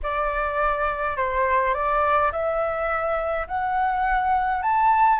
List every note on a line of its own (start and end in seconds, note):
0.03 1.16 D5
1.16 1.74 C5
1.74 2.31 D5
2.32 3.47 E5
3.47 4.62 F#5
4.62 5.19 A5